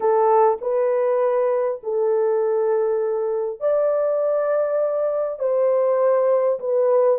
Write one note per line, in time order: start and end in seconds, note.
0.00 0.58 A4
0.61 1.81 B4
1.83 3.60 A4
3.60 5.39 D5
5.39 6.59 C5
6.59 7.18 B4